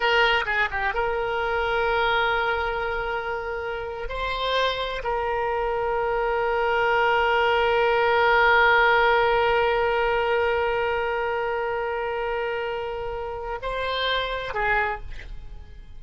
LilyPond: \new Staff \with { instrumentName = "oboe" } { \time 4/4 \tempo 4 = 128 ais'4 gis'8 g'8 ais'2~ | ais'1~ | ais'8. c''2 ais'4~ ais'16~ | ais'1~ |
ais'1~ | ais'1~ | ais'1~ | ais'4 c''2 gis'4 | }